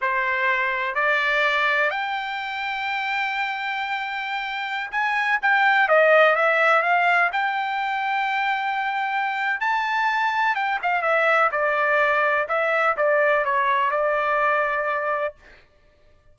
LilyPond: \new Staff \with { instrumentName = "trumpet" } { \time 4/4 \tempo 4 = 125 c''2 d''2 | g''1~ | g''2~ g''16 gis''4 g''8.~ | g''16 dis''4 e''4 f''4 g''8.~ |
g''1 | a''2 g''8 f''8 e''4 | d''2 e''4 d''4 | cis''4 d''2. | }